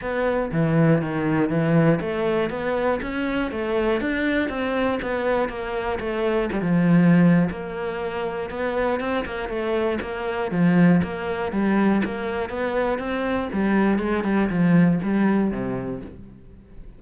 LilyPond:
\new Staff \with { instrumentName = "cello" } { \time 4/4 \tempo 4 = 120 b4 e4 dis4 e4 | a4 b4 cis'4 a4 | d'4 c'4 b4 ais4 | a4 g16 f4.~ f16 ais4~ |
ais4 b4 c'8 ais8 a4 | ais4 f4 ais4 g4 | ais4 b4 c'4 g4 | gis8 g8 f4 g4 c4 | }